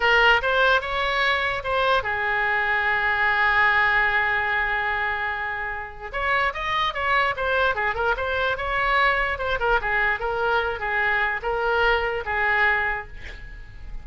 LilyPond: \new Staff \with { instrumentName = "oboe" } { \time 4/4 \tempo 4 = 147 ais'4 c''4 cis''2 | c''4 gis'2.~ | gis'1~ | gis'2. cis''4 |
dis''4 cis''4 c''4 gis'8 ais'8 | c''4 cis''2 c''8 ais'8 | gis'4 ais'4. gis'4. | ais'2 gis'2 | }